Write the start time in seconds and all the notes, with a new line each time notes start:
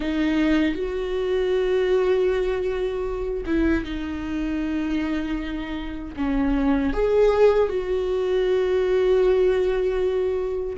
0.00 D#4
0.74 F#4
3.45 E4
3.84 D#4
6.16 C#4
6.93 G#4
7.69 F#4